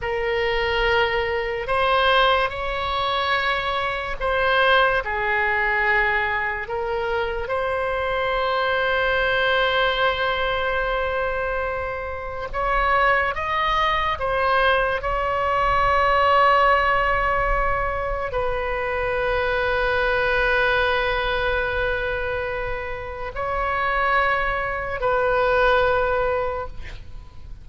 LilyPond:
\new Staff \with { instrumentName = "oboe" } { \time 4/4 \tempo 4 = 72 ais'2 c''4 cis''4~ | cis''4 c''4 gis'2 | ais'4 c''2.~ | c''2. cis''4 |
dis''4 c''4 cis''2~ | cis''2 b'2~ | b'1 | cis''2 b'2 | }